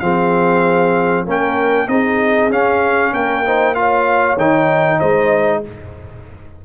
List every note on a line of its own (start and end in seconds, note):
0.00 1.26 F3
0.00 1.26 C4
0.00 1.25 G#4
0.00 1.25 F5
1.25 1.88 A#3
1.25 1.89 C#4
1.25 1.88 A#4
1.25 1.88 G5
1.88 2.50 C4
1.88 2.51 D#4
1.88 3.13 G#4
1.88 2.51 D#5
2.50 3.13 C#4
2.50 3.45 C#4
2.50 3.14 F5
3.13 4.38 A#3
3.13 3.44 A#4
3.13 3.75 G5
3.45 3.75 D#4
3.45 3.77 C5
3.75 4.38 F4
3.75 4.99 C#5
3.75 4.38 F5
4.38 5.00 D#3
4.38 5.64 D#4
4.38 5.00 G5
4.99 5.65 G#3
4.99 5.61 C5
4.99 5.63 D#5